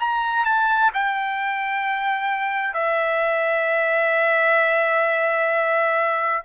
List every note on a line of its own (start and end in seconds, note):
0.00 0.45 A#5
0.45 0.91 A5
0.94 2.74 G5
2.74 6.43 E5